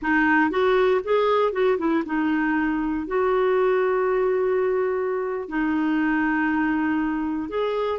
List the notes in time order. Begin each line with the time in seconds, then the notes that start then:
0.01 D#4
0.50 F#4
1.04 G#4
1.52 F#4
1.78 E4
2.05 D#4
3.07 F#4
5.48 D#4
7.49 G#4